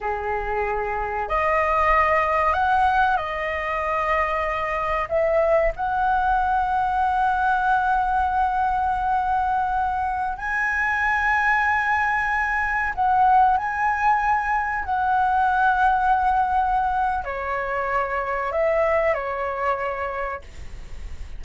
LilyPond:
\new Staff \with { instrumentName = "flute" } { \time 4/4 \tempo 4 = 94 gis'2 dis''2 | fis''4 dis''2. | e''4 fis''2.~ | fis''1~ |
fis''16 gis''2.~ gis''8.~ | gis''16 fis''4 gis''2 fis''8.~ | fis''2. cis''4~ | cis''4 e''4 cis''2 | }